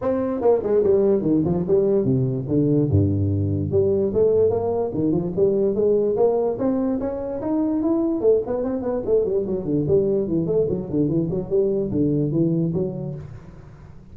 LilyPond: \new Staff \with { instrumentName = "tuba" } { \time 4/4 \tempo 4 = 146 c'4 ais8 gis8 g4 dis8 f8 | g4 c4 d4 g,4~ | g,4 g4 a4 ais4 | dis8 f8 g4 gis4 ais4 |
c'4 cis'4 dis'4 e'4 | a8 b8 c'8 b8 a8 g8 fis8 d8 | g4 e8 a8 fis8 d8 e8 fis8 | g4 d4 e4 fis4 | }